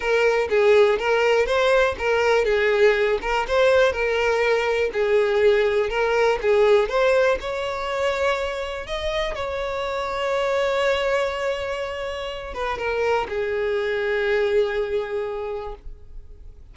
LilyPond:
\new Staff \with { instrumentName = "violin" } { \time 4/4 \tempo 4 = 122 ais'4 gis'4 ais'4 c''4 | ais'4 gis'4. ais'8 c''4 | ais'2 gis'2 | ais'4 gis'4 c''4 cis''4~ |
cis''2 dis''4 cis''4~ | cis''1~ | cis''4. b'8 ais'4 gis'4~ | gis'1 | }